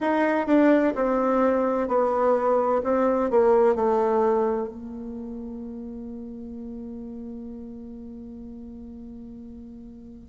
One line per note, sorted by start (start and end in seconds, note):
0.00 0.46 D#4
0.46 0.93 D4
0.95 1.87 C4
1.87 2.81 B3
2.83 3.30 C4
3.30 3.75 A#3
3.75 4.68 A3
4.68 10.28 A#3